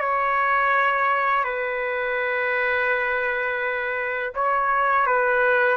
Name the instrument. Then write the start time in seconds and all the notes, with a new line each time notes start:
trumpet
0.00 C#5
1.45 B4
4.35 C#5
5.07 B4